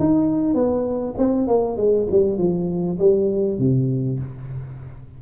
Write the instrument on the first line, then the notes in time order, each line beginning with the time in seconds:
tuba
0.00 D#4
0.55 B3
1.18 C4
1.48 A#3
1.77 G#3
2.12 G3
2.38 F3
2.99 G3
3.59 C3